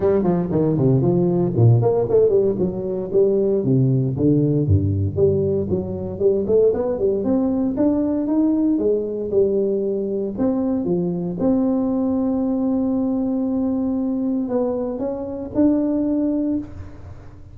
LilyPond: \new Staff \with { instrumentName = "tuba" } { \time 4/4 \tempo 4 = 116 g8 f8 dis8 c8 f4 ais,8 ais8 | a8 g8 fis4 g4 c4 | d4 g,4 g4 fis4 | g8 a8 b8 g8 c'4 d'4 |
dis'4 gis4 g2 | c'4 f4 c'2~ | c'1 | b4 cis'4 d'2 | }